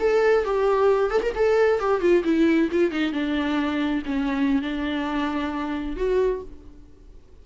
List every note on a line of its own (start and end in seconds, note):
0.00 0.45 A4
0.45 1.11 G4
1.11 1.22 A4
1.23 1.34 A#4
1.36 1.80 A4
1.80 2.01 G4
2.01 2.24 F4
2.24 2.69 E4
2.72 2.92 F4
2.92 3.13 D#4
3.13 4.03 D4
4.06 4.62 C#4
4.62 5.97 D4
5.97 6.42 F#4